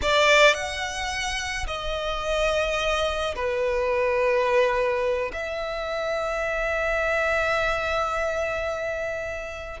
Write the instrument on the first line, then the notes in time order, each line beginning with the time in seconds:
violin
0.02 D5
0.54 F#5
1.66 D#5
3.35 B4
5.32 E5